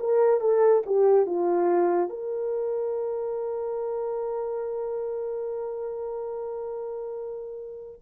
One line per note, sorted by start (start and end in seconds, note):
0.00 0.41 A#4
0.41 0.83 A4
0.86 1.26 G4
1.26 2.10 F4
2.10 8.01 A#4